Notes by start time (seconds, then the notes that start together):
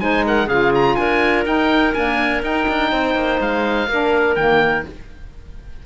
0.00 G#3 D#4 C5 G#5
0.27 A#4 F#5
0.46 C#3 F4 G#4 F5
0.75 A#5
0.95 D4 A#4 G#5
1.45 D#4 G5
1.93 A#3 D4 G#5
2.42 D#4 G5
2.68 D4
2.92 C4 C5
3.15 A#3
3.40 G#3 F5
3.87 A#3 D4 A#4
4.35 D#3 A#3 G5